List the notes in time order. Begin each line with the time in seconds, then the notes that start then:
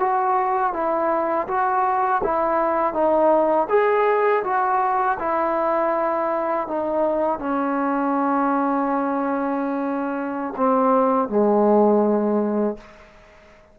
0.00 F#4
0.73 E4
1.48 F#4
2.24 E4
2.94 D#4
3.70 G#4
4.44 F#4
5.20 E4
6.68 D#4
7.40 C#4
10.57 C4
11.29 G#3